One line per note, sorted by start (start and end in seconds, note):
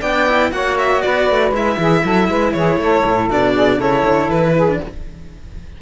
0.00 0.51 B3
0.00 0.26 D4
0.00 0.50 D5
0.00 0.51 G5
0.26 0.51 E4
0.51 1.01 A#3
0.51 1.52 F#4
0.51 1.04 C#5
0.51 0.77 F#5
0.78 1.01 E5
1.01 1.30 B3
1.01 1.78 B4
1.01 1.51 D5
1.30 1.51 A3
1.51 1.76 G#3
1.51 3.30 E4
1.51 2.52 E5
1.77 2.03 E3
1.77 2.03 G#4
2.04 2.28 F#3
2.04 2.29 A4
2.28 2.53 G#3
2.28 2.54 B4
2.52 2.76 E3
2.52 2.79 G#4
2.52 3.28 C#5
2.76 3.01 A3
2.76 3.53 A4
3.04 3.29 A2
3.29 3.77 B2
3.29 3.80 D4
3.29 3.80 D5
3.53 3.77 G#4
3.77 4.03 C#3
3.77 4.68 E4
3.77 4.53 A4
3.77 4.30 C#5
4.04 4.29 D3
4.29 4.79 E3
4.29 4.80 B4
4.56 4.81 G#4
4.68 4.81 D4